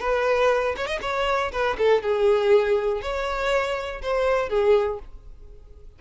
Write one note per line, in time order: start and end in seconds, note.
0.00 0.75 B4
0.77 0.87 C#5
0.87 0.99 D#5
1.01 1.51 C#5
1.52 1.77 B4
1.78 2.02 A4
2.02 3.02 G#4
3.02 4.02 C#5
4.02 4.49 C5
4.49 4.99 G#4